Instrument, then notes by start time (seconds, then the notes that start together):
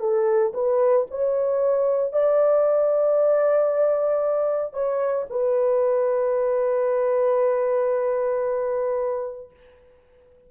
horn
0.00 A4
0.54 B4
1.11 C#5
2.13 D5
4.74 C#5
5.30 B4